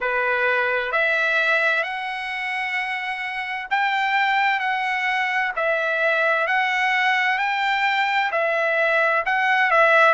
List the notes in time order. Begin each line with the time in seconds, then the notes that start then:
0.00 B4
0.92 E5
1.83 F#5
3.70 G5
4.59 F#5
5.56 E5
6.47 F#5
7.38 G5
8.31 E5
9.26 F#5
9.70 E5